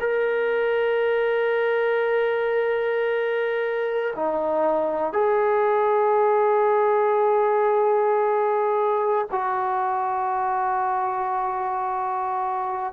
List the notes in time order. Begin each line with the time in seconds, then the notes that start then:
0.00 A#4
4.15 D#4
5.13 G#4
9.31 F#4